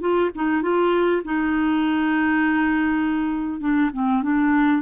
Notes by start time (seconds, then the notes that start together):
0.00 F4
0.35 D#4
0.62 F4
1.25 D#4
3.60 D4
3.93 C4
4.22 D4